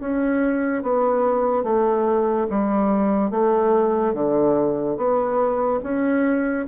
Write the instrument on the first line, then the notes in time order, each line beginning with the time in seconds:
bassoon
0.00 C#4
0.82 B3
1.63 A3
2.50 G3
3.30 A3
4.13 D3
4.97 B3
5.83 C#4